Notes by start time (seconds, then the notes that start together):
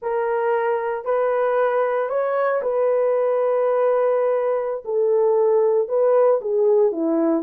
0.01 A#4
1.04 B4
2.09 C#5
2.62 B4
4.85 A4
5.88 B4
6.41 G#4
6.91 E4